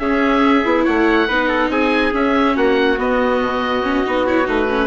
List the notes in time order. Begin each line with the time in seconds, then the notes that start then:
0.00 C#4 G#4 E5
0.65 B3 E4
0.84 A3 C#5 F#5
1.28 B3 D#4 B4
1.48 A4
1.70 C4 G#4 G#5
2.12 C#4 E5
2.56 A#3 F#4 F#5
2.98 B3 D#5
3.41 B2
3.83 C#4
4.06 B3 D#4
4.27 E4 C#5
4.45 A3 D#4 B4
4.69 C#4